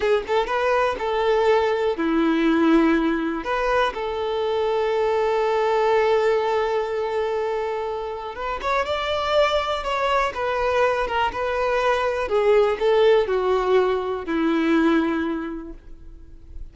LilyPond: \new Staff \with { instrumentName = "violin" } { \time 4/4 \tempo 4 = 122 gis'8 a'8 b'4 a'2 | e'2. b'4 | a'1~ | a'1~ |
a'4 b'8 cis''8 d''2 | cis''4 b'4. ais'8 b'4~ | b'4 gis'4 a'4 fis'4~ | fis'4 e'2. | }